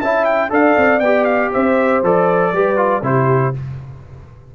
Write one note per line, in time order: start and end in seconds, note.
0.00 0.50 C#4
0.00 0.50 E4
0.00 0.50 E5
0.00 0.25 A5
0.25 0.50 G5
0.50 0.75 D4
0.50 1.00 A4
0.50 1.52 D5
0.50 1.00 F5
0.78 1.01 C4
1.00 1.51 B3
1.00 2.04 G4
1.00 1.25 G5
1.25 1.50 F5
1.52 2.03 C4
1.52 2.53 C5
1.52 2.04 E5
2.03 2.53 F3
2.03 2.54 A4
2.03 3.05 D5
2.53 3.02 G3
2.53 2.77 G4
2.53 3.03 B4
2.77 3.02 F4
3.02 3.52 C3
3.02 3.54 E4
3.02 3.55 G4
3.02 3.55 C5